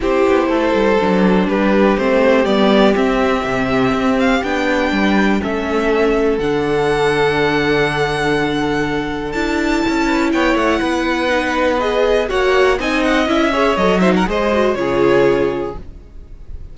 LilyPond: <<
  \new Staff \with { instrumentName = "violin" } { \time 4/4 \tempo 4 = 122 c''2. b'4 | c''4 d''4 e''2~ | e''8 f''8 g''2 e''4~ | e''4 fis''2.~ |
fis''2. a''4~ | a''4 g''8 fis''2~ fis''8 | dis''4 fis''4 gis''8 fis''8 e''4 | dis''8 e''16 fis''16 dis''4 cis''2 | }
  \new Staff \with { instrumentName = "violin" } { \time 4/4 g'4 a'2 g'4~ | g'1~ | g'2 b'4 a'4~ | a'1~ |
a'1~ | a'8 b'8 cis''4 b'2~ | b'4 cis''4 dis''4. cis''8~ | cis''8 c''16 ais'16 c''4 gis'2 | }
  \new Staff \with { instrumentName = "viola" } { \time 4/4 e'2 d'2 | c'4 b4 c'2~ | c'4 d'2 cis'4~ | cis'4 d'2.~ |
d'2. e'4~ | e'2. dis'4 | gis'4 fis'4 dis'4 e'8 gis'8 | a'8 dis'8 gis'8 fis'8 f'2 | }
  \new Staff \with { instrumentName = "cello" } { \time 4/4 c'8 b8 a8 g8 fis4 g4 | a4 g4 c'4 c4 | c'4 b4 g4 a4~ | a4 d2.~ |
d2. d'4 | cis'4 b8 a8 b2~ | b4 ais4 c'4 cis'4 | fis4 gis4 cis2 | }
>>